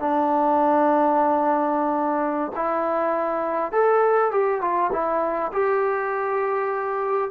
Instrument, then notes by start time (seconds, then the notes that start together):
trombone
0.00 D4
2.56 E4
3.72 A4
4.32 G4
4.62 F4
4.93 E4
5.53 G4